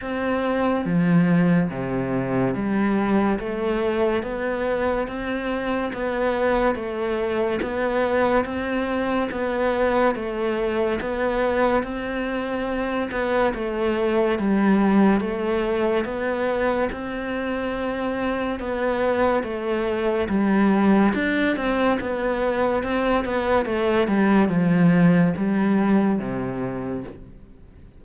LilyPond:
\new Staff \with { instrumentName = "cello" } { \time 4/4 \tempo 4 = 71 c'4 f4 c4 g4 | a4 b4 c'4 b4 | a4 b4 c'4 b4 | a4 b4 c'4. b8 |
a4 g4 a4 b4 | c'2 b4 a4 | g4 d'8 c'8 b4 c'8 b8 | a8 g8 f4 g4 c4 | }